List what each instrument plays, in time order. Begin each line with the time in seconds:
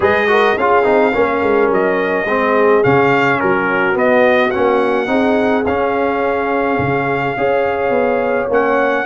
0.00 tuba G#3, trombone G#4, horn B4, trumpet D#5
0.27 trombone F#4, horn A#4
0.57 tuba C#4, trombone F4, horn G#4, trumpet F5
0.83 tuba C4, trombone D#4
1.13 tuba A#3, trombone C#4, horn A#4
1.42 tuba G#3
1.69 tuba F#3, trumpet D#5
2.25 tuba G#3, trombone C4, horn G#4
2.83 tuba C#3, trombone C#4, trumpet F5
3.40 tuba F#3, horn F#4, trumpet A#4
3.93 trombone B3, tuba B3, trumpet D#5
4.50 tuba A#3, trombone C#4, trumpet F#5
5.06 tuba C4, trombone D#4, horn G#4
5.65 tuba C#4, trombone C#4, trumpet F5
6.78 tuba C#3
7.37 tuba C#4, trombone G#4, horn C#5
7.90 tuba B3
8.48 tuba A#3, trombone C#4, trumpet F#5